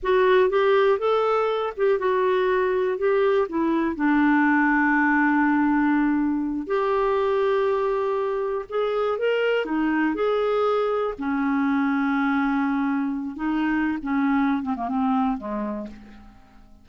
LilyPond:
\new Staff \with { instrumentName = "clarinet" } { \time 4/4 \tempo 4 = 121 fis'4 g'4 a'4. g'8 | fis'2 g'4 e'4 | d'1~ | d'4. g'2~ g'8~ |
g'4. gis'4 ais'4 dis'8~ | dis'8 gis'2 cis'4.~ | cis'2. dis'4~ | dis'16 cis'4~ cis'16 c'16 ais16 c'4 gis4 | }